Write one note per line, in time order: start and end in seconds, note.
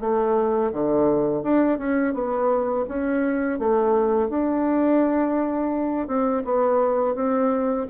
0.00 0.71 A3
0.72 1.43 D3
1.43 1.78 D4
1.78 2.14 C#4
2.14 2.85 B3
2.88 3.59 C#4
3.59 4.29 A3
4.29 6.07 D4
6.07 6.43 C4
6.44 7.15 B3
7.15 7.86 C4